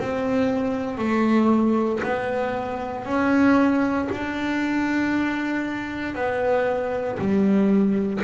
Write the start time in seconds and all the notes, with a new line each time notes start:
0.00 C4
0.98 A3
2.04 B3
3.06 C#4
4.12 D4
6.16 B3
7.19 G3